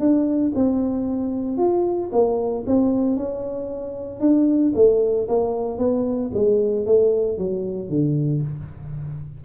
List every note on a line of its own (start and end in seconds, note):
0.00 0.53 D4
0.55 1.58 C4
1.58 2.10 F4
2.12 2.65 A#3
2.67 3.17 C4
3.17 4.20 C#4
4.20 4.73 D4
4.75 5.28 A3
5.28 5.78 A#3
5.78 6.31 B3
6.34 6.86 G#3
6.86 7.38 A3
7.38 7.89 F#3
7.89 8.42 D3